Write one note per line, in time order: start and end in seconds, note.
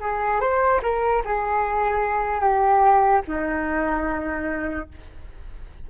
0.00 0.41 G#4
0.41 0.81 C5
0.83 1.23 A#4
1.25 2.41 G#4
2.41 3.22 G4
3.27 4.89 D#4